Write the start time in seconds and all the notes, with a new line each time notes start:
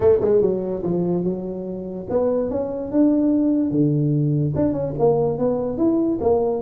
0.00 A3
0.21 G#3
0.41 F#3
0.83 F3
1.24 F#3
2.09 B3
2.50 C#4
2.91 D4
3.71 D3
4.55 D4
4.72 C#4
4.99 A#3
5.38 B3
5.77 E4
6.21 A#3